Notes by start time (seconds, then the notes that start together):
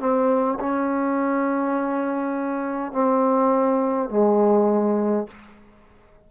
0.00 C4
0.59 C#4
2.92 C4
4.10 G#3